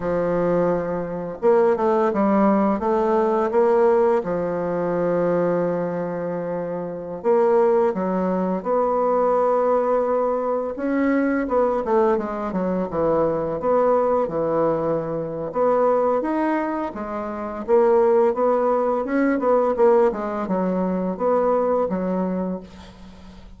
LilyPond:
\new Staff \with { instrumentName = "bassoon" } { \time 4/4 \tempo 4 = 85 f2 ais8 a8 g4 | a4 ais4 f2~ | f2~ f16 ais4 fis8.~ | fis16 b2. cis'8.~ |
cis'16 b8 a8 gis8 fis8 e4 b8.~ | b16 e4.~ e16 b4 dis'4 | gis4 ais4 b4 cis'8 b8 | ais8 gis8 fis4 b4 fis4 | }